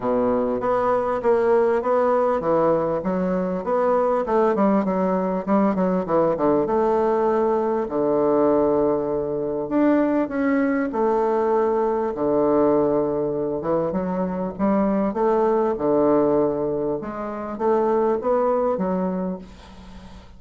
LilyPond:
\new Staff \with { instrumentName = "bassoon" } { \time 4/4 \tempo 4 = 99 b,4 b4 ais4 b4 | e4 fis4 b4 a8 g8 | fis4 g8 fis8 e8 d8 a4~ | a4 d2. |
d'4 cis'4 a2 | d2~ d8 e8 fis4 | g4 a4 d2 | gis4 a4 b4 fis4 | }